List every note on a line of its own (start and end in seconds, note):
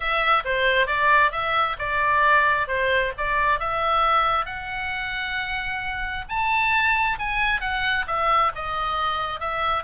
0.00 0.43 E5
0.44 0.86 C5
0.86 1.31 D5
1.31 1.76 E5
1.78 2.67 D5
2.67 3.12 C5
3.17 3.59 D5
3.59 4.45 E5
4.45 6.24 F#5
6.28 7.18 A5
7.18 7.60 G#5
7.60 8.05 F#5
8.07 8.52 E5
8.55 9.39 D#5
9.39 9.83 E5